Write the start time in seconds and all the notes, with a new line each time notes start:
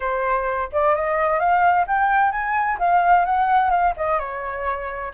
0.00 C5
0.72 D5
0.95 D#5
1.39 F5
1.87 G5
2.31 G#5
2.79 F5
3.25 F#5
3.70 F5
3.96 D#5
4.19 C#5